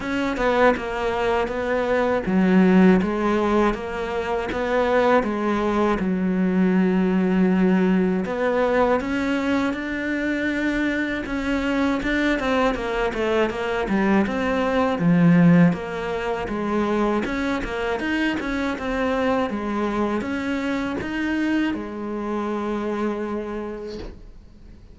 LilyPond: \new Staff \with { instrumentName = "cello" } { \time 4/4 \tempo 4 = 80 cis'8 b8 ais4 b4 fis4 | gis4 ais4 b4 gis4 | fis2. b4 | cis'4 d'2 cis'4 |
d'8 c'8 ais8 a8 ais8 g8 c'4 | f4 ais4 gis4 cis'8 ais8 | dis'8 cis'8 c'4 gis4 cis'4 | dis'4 gis2. | }